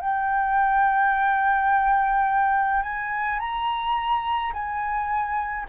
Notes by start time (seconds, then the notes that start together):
0.00 G5
2.83 G#5
3.40 A#5
4.53 G#5